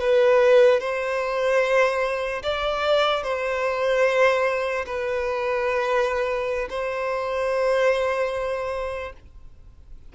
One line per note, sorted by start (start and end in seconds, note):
0.00 0.80 B4
0.80 2.42 C5
2.43 3.23 D5
3.23 4.85 C5
4.86 6.68 B4
6.70 9.13 C5